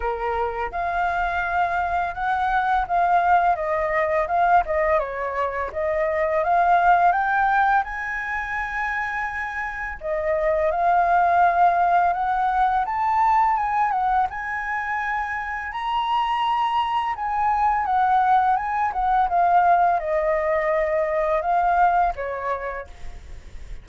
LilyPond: \new Staff \with { instrumentName = "flute" } { \time 4/4 \tempo 4 = 84 ais'4 f''2 fis''4 | f''4 dis''4 f''8 dis''8 cis''4 | dis''4 f''4 g''4 gis''4~ | gis''2 dis''4 f''4~ |
f''4 fis''4 a''4 gis''8 fis''8 | gis''2 ais''2 | gis''4 fis''4 gis''8 fis''8 f''4 | dis''2 f''4 cis''4 | }